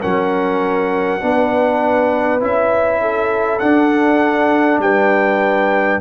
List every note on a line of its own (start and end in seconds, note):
0.00 1.22 F#3
0.00 1.20 C#4
0.00 1.20 A#4
0.00 2.42 F#5
1.20 2.41 B3
1.20 2.40 D4
1.20 3.01 B4
2.40 3.61 C#4
2.40 3.60 E4
2.40 3.58 E5
3.01 4.81 A4
3.58 6.01 D4
3.58 4.78 D4
3.58 4.79 F#5
4.78 5.98 G3
4.78 6.01 B4
4.78 6.01 G5